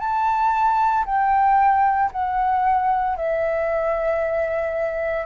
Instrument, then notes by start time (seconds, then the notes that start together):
flute
0.00 A5
1.06 G5
2.12 F#5
3.17 E5